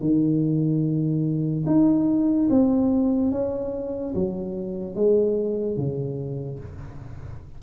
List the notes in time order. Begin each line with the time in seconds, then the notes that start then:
0.00 D#3
1.66 D#4
2.50 C4
3.31 C#4
4.14 F#3
4.95 G#3
5.76 C#3